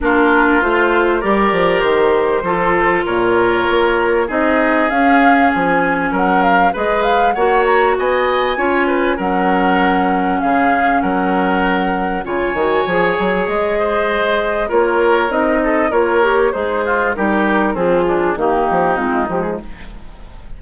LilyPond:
<<
  \new Staff \with { instrumentName = "flute" } { \time 4/4 \tempo 4 = 98 ais'4 c''4 d''4 c''4~ | c''4 cis''2 dis''4 | f''4 gis''4 fis''8 f''8 dis''8 f''8 | fis''8 ais''8 gis''2 fis''4~ |
fis''4 f''4 fis''2 | gis''2 dis''2 | cis''4 dis''4 cis''4 c''4 | ais'4 gis'4 g'4 f'8 g'16 gis'16 | }
  \new Staff \with { instrumentName = "oboe" } { \time 4/4 f'2 ais'2 | a'4 ais'2 gis'4~ | gis'2 ais'4 b'4 | cis''4 dis''4 cis''8 b'8 ais'4~ |
ais'4 gis'4 ais'2 | cis''2~ cis''8 c''4. | ais'4. a'8 ais'4 dis'8 f'8 | g'4 c'8 d'8 dis'2 | }
  \new Staff \with { instrumentName = "clarinet" } { \time 4/4 d'4 f'4 g'2 | f'2. dis'4 | cis'2. gis'4 | fis'2 f'4 cis'4~ |
cis'1 | f'8 fis'8 gis'2. | f'4 dis'4 f'8 g'8 gis'4 | dis'4 f'4 ais4 c'8 gis8 | }
  \new Staff \with { instrumentName = "bassoon" } { \time 4/4 ais4 a4 g8 f8 dis4 | f4 ais,4 ais4 c'4 | cis'4 f4 fis4 gis4 | ais4 b4 cis'4 fis4~ |
fis4 cis4 fis2 | cis8 dis8 f8 fis8 gis2 | ais4 c'4 ais4 gis4 | g4 f4 dis8 f8 gis8 f8 | }
>>